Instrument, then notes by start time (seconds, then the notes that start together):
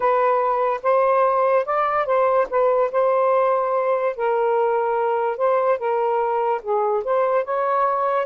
saxophone
0.00 B4
0.83 C5
1.65 D5
2.05 C5
2.49 B4
2.91 C5
4.16 A#4
5.37 C5
5.78 A#4
6.62 G#4
7.03 C5
7.44 C#5